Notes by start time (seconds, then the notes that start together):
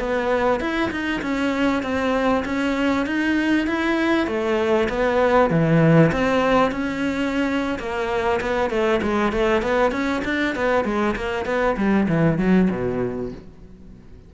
0.00 B3
0.61 E4
0.91 D#4
1.22 C#4
1.83 C4
2.45 C#4
3.07 D#4
3.68 E4
4.27 A3
4.90 B3
5.51 E3
6.13 C4
6.72 C#4
7.79 A#3
8.41 B3
8.70 A3
9.03 G#3
9.33 A3
9.63 B3
9.92 C#4
10.25 D4
10.56 B3
10.85 G#3
11.16 A#3
11.46 B3
11.77 G3
12.09 E3
12.39 F#3
12.71 B2